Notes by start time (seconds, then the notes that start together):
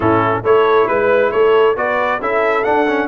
0.00 A2 C#4 E4 A4
0.43 A3 E4 A4 C#5
0.87 G#3 B4
1.31 A3 A4 C#5
1.75 B3 F#4 B4 D5
2.19 C#4 E4 A4 E5
2.63 D4 F#5
2.87 C#4